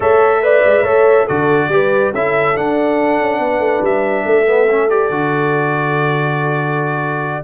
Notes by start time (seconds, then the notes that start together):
0.00 A3 A4 C#5 E5
0.42 B4 D5
0.65 G#3
0.82 A3 A4 C#5
1.24 D3 F#4 A4 D5
1.68 G3 G4 B4
2.13 C#4 E4 A4 E5
2.55 D4 F#5
3.20 C#4
3.38 B3 B4
3.59 A3
3.81 G3 E5
4.25 A3 A4
4.46 B3
4.70 C#4
4.89 G4 D5
5.10 D3 F#4